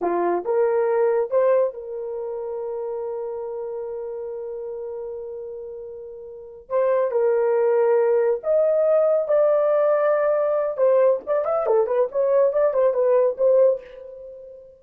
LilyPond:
\new Staff \with { instrumentName = "horn" } { \time 4/4 \tempo 4 = 139 f'4 ais'2 c''4 | ais'1~ | ais'1~ | ais'2.~ ais'8 c''8~ |
c''8 ais'2. dis''8~ | dis''4. d''2~ d''8~ | d''4 c''4 d''8 e''8 a'8 b'8 | cis''4 d''8 c''8 b'4 c''4 | }